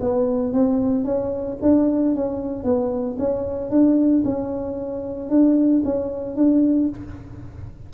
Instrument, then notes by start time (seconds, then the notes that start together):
tuba
0.00 B3
0.52 C4
1.04 C#4
1.61 D4
2.15 C#4
2.64 B3
3.19 C#4
3.70 D4
4.24 C#4
5.29 D4
5.84 C#4
6.36 D4